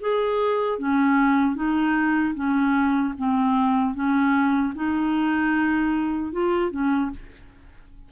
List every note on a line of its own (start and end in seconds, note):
0.00 0.79 G#4
0.79 1.55 C#4
1.55 2.34 D#4
2.35 3.14 C#4
3.18 3.95 C4
3.95 4.74 C#4
4.75 6.32 D#4
6.32 6.71 F4
6.71 7.11 C#4